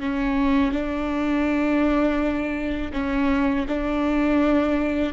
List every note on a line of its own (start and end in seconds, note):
0.00 0.72 C#4
0.72 2.92 D4
2.93 3.66 C#4
3.68 5.13 D4